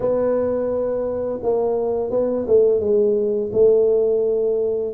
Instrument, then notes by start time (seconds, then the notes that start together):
tuba
0.00 B3
1.42 A#3
2.10 B3
2.47 A3
2.80 G#3
3.52 A3